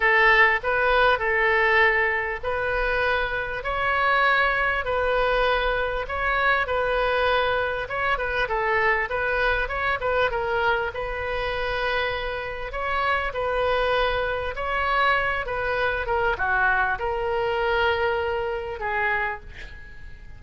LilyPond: \new Staff \with { instrumentName = "oboe" } { \time 4/4 \tempo 4 = 99 a'4 b'4 a'2 | b'2 cis''2 | b'2 cis''4 b'4~ | b'4 cis''8 b'8 a'4 b'4 |
cis''8 b'8 ais'4 b'2~ | b'4 cis''4 b'2 | cis''4. b'4 ais'8 fis'4 | ais'2. gis'4 | }